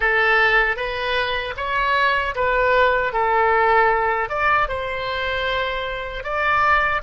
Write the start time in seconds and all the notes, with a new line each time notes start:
0.00 A4
0.76 B4
1.57 C#5
2.35 B4
3.12 A4
4.29 D5
4.68 C5
6.23 D5